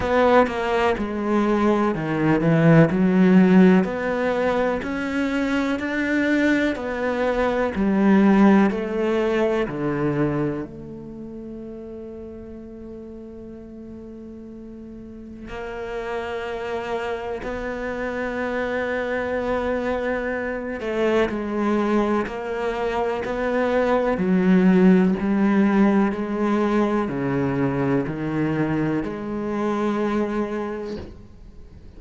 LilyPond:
\new Staff \with { instrumentName = "cello" } { \time 4/4 \tempo 4 = 62 b8 ais8 gis4 dis8 e8 fis4 | b4 cis'4 d'4 b4 | g4 a4 d4 a4~ | a1 |
ais2 b2~ | b4. a8 gis4 ais4 | b4 fis4 g4 gis4 | cis4 dis4 gis2 | }